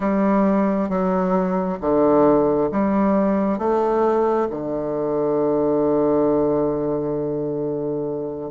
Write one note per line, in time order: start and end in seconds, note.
0.00 0.89 G3
0.89 1.78 F#3
1.80 2.70 D3
2.71 3.58 G3
3.58 4.47 A3
4.50 8.51 D3